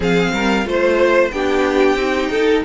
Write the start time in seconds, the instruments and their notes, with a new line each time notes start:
0.00 cello F3, viola C4, violin G#4 F5
0.33 cello G3, violin A#4
0.64 cello A3, viola F4, violin C5
1.31 cello B3, viola D4, violin G4 G5
1.95 cello C4, viola D#4
2.30 cello D#4, violin A4